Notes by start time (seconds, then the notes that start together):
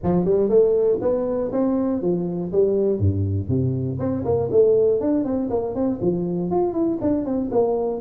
0.03 F3
0.24 G3
0.49 A3
1.01 B3
1.52 C4
2.01 F3
2.52 G3
2.99 G2
3.48 C3
3.99 C4
4.24 A#3
4.51 A3
5.00 D4
5.24 C4
5.50 A#3
5.74 C4
6.01 F3
6.50 F4
6.72 E4
7.01 D4
7.25 C4
7.51 A#3